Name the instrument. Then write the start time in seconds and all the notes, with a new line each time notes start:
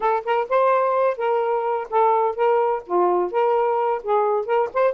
saxophone
0.00 A4
0.24 A#4
0.49 C5
1.17 A#4
1.90 A4
2.35 A#4
2.86 F4
3.31 A#4
4.03 G#4
4.46 A#4
4.73 C5